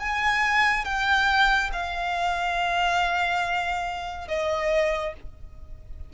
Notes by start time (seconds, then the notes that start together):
0.00 G#5
0.85 G5
1.73 F5
4.28 D#5